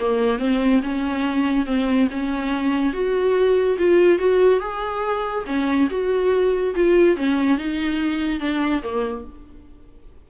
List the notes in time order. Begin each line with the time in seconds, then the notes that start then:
0.00 A#3
0.39 C4
0.82 C#4
1.66 C4
2.10 C#4
2.93 F#4
3.78 F4
4.19 F#4
4.60 G#4
5.46 C#4
5.90 F#4
6.75 F4
7.16 C#4
7.57 D#4
8.40 D4
8.82 A#3